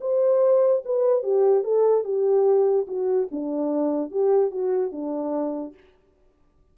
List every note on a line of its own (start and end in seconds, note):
0.00 0.82 C5
0.84 1.23 B4
1.23 1.63 G4
1.63 2.04 A4
2.04 2.86 G4
2.87 3.28 F#4
3.31 4.11 D4
4.11 4.50 G4
4.50 4.91 F#4
4.91 5.73 D4